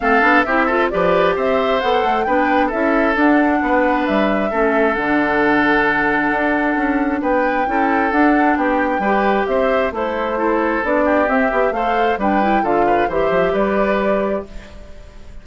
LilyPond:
<<
  \new Staff \with { instrumentName = "flute" } { \time 4/4 \tempo 4 = 133 f''4 e''4 d''4 e''4 | fis''4 g''4 e''4 fis''4~ | fis''4 e''2 fis''4~ | fis''1 |
g''2 fis''4 g''4~ | g''4 e''4 c''2 | d''4 e''4 f''4 g''4 | f''4 e''4 d''2 | }
  \new Staff \with { instrumentName = "oboe" } { \time 4/4 a'4 g'8 a'8 b'4 c''4~ | c''4 b'4 a'2 | b'2 a'2~ | a'1 |
b'4 a'2 g'4 | b'4 c''4 e'4 a'4~ | a'8 g'4. c''4 b'4 | a'8 b'8 c''4 b'2 | }
  \new Staff \with { instrumentName = "clarinet" } { \time 4/4 c'8 d'8 e'8 f'8 g'2 | a'4 d'4 e'4 d'4~ | d'2 cis'4 d'4~ | d'1~ |
d'4 e'4 d'2 | g'2 a'4 e'4 | d'4 c'8 g'8 a'4 d'8 e'8 | f'4 g'2. | }
  \new Staff \with { instrumentName = "bassoon" } { \time 4/4 a8 b8 c'4 f4 c'4 | b8 a8 b4 cis'4 d'4 | b4 g4 a4 d4~ | d2 d'4 cis'4 |
b4 cis'4 d'4 b4 | g4 c'4 a2 | b4 c'8 b8 a4 g4 | d4 e8 f8 g2 | }
>>